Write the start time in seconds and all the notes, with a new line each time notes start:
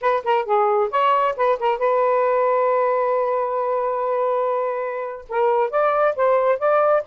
0.01 B4
0.23 A#4
0.45 G#4
0.90 C#5
1.36 B4
1.59 A#4
1.78 B4
5.29 A#4
5.70 D5
6.15 C5
6.58 D5